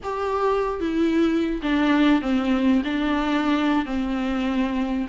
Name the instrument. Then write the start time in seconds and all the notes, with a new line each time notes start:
viola
0.03 G4
0.80 E4
1.62 D4
2.21 C4
2.84 D4
3.85 C4